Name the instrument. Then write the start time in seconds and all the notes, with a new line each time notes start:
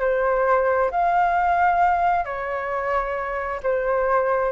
flute
0.00 C5
0.91 F5
2.25 C#5
3.63 C5